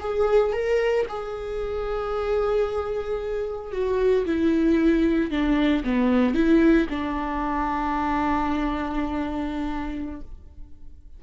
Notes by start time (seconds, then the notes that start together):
0.00 G#4
0.53 A#4
1.09 G#4
3.72 F#4
4.26 E4
5.31 D4
5.84 B3
6.34 E4
6.90 D4